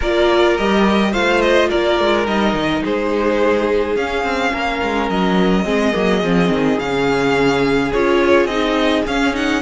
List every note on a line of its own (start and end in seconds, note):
0.00 0.58 A#3
0.00 0.58 F4
0.00 1.11 A#4
0.00 0.57 D5
0.57 1.14 G3
0.57 1.13 G4
0.57 1.13 D#5
1.12 1.70 A3
1.12 2.26 F4
1.12 1.68 C5
1.12 1.41 F5
1.41 1.69 D#5
1.69 1.99 A#3
1.69 2.83 A#4
1.69 2.26 D5
1.99 2.27 G#3
2.26 2.53 G3
2.26 3.96 D#4
2.26 2.83 D#5
2.53 2.81 D#3
2.83 3.96 G#3
2.83 4.53 G#4
2.83 3.96 C5
3.96 4.23 C#4
3.96 5.64 C#4
3.96 5.09 F5
4.23 4.52 C4
4.53 4.81 A#3
4.53 5.65 A#4
4.82 5.09 G#3
5.09 5.65 F#3
5.09 6.79 D#5
5.64 5.93 G#3
5.64 5.92 C4
5.64 9.61 G#4
5.92 6.24 F#3
5.92 6.20 A#3
6.24 6.49 F3
6.24 6.79 C4
6.49 6.77 D#3
6.79 7.92 C#3
6.79 7.92 C#4
6.79 7.92 F5
7.92 8.45 C#4
7.92 8.49 F4
7.92 8.46 C#5
8.45 9.02 C4
8.45 9.06 D#4
8.45 9.02 D#5
9.06 9.61 C#4
9.06 9.33 C#4
9.06 9.35 F5
9.33 9.61 D#4
9.33 9.61 F#5